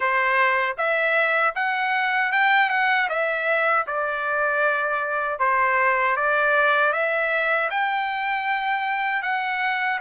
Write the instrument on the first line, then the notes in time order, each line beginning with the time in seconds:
trumpet
0.00 C5
0.77 E5
1.55 F#5
2.31 G5
2.69 F#5
3.09 E5
3.87 D5
5.39 C5
6.16 D5
6.92 E5
7.70 G5
9.22 F#5